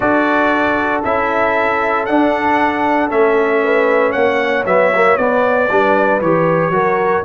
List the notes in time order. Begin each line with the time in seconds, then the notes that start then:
0.00 D4 F#4 A4 D5
1.03 C#4 E4 E5
2.05 D4 F#5
3.09 A3 C#4 E5
3.63 B4
4.11 A#3 C#5 F#5
4.65 F#3 B3 E5
4.95 A#3
5.16 B3 D5
5.69 G3 D4 B4
6.21 E3 G4 C#5
6.70 F#3 F#4 A#4